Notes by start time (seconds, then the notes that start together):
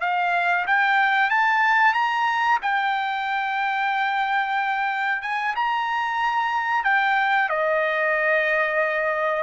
0.00 F5
0.66 G5
1.30 A5
1.93 A#5
2.62 G5
5.22 G#5
5.55 A#5
6.84 G5
7.49 D#5